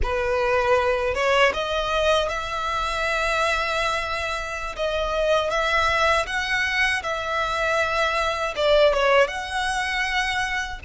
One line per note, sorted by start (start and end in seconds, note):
0.02 1.14 B4
1.14 1.52 C#5
1.53 2.28 D#5
2.28 4.75 E5
4.75 5.50 D#5
5.50 6.26 E5
6.26 7.02 F#5
7.02 8.54 E5
8.56 8.93 D5
8.93 9.27 C#5
9.27 10.79 F#5